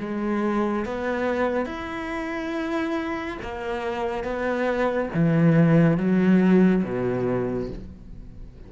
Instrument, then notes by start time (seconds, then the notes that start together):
cello
0.00 G#3
0.86 B3
1.66 E4
3.42 A#3
4.24 B3
5.15 E3
5.98 F#3
6.84 B2